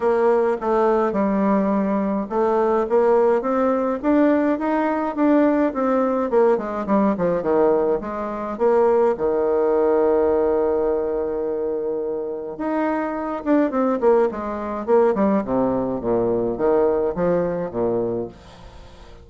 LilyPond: \new Staff \with { instrumentName = "bassoon" } { \time 4/4 \tempo 4 = 105 ais4 a4 g2 | a4 ais4 c'4 d'4 | dis'4 d'4 c'4 ais8 gis8 | g8 f8 dis4 gis4 ais4 |
dis1~ | dis2 dis'4. d'8 | c'8 ais8 gis4 ais8 g8 c4 | ais,4 dis4 f4 ais,4 | }